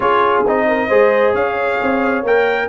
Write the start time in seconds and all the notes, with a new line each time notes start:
0.00 C#4 F4 G#4 C#5
0.46 C4 D#4 D#5
0.67 A#4
0.88 G#3 G#4 C5
1.32 C#4 C#5 F5
1.82 C4
2.22 A#3 A#4 G5